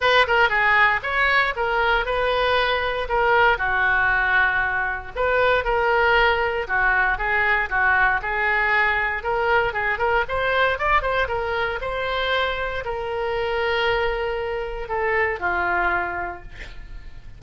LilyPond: \new Staff \with { instrumentName = "oboe" } { \time 4/4 \tempo 4 = 117 b'8 ais'8 gis'4 cis''4 ais'4 | b'2 ais'4 fis'4~ | fis'2 b'4 ais'4~ | ais'4 fis'4 gis'4 fis'4 |
gis'2 ais'4 gis'8 ais'8 | c''4 d''8 c''8 ais'4 c''4~ | c''4 ais'2.~ | ais'4 a'4 f'2 | }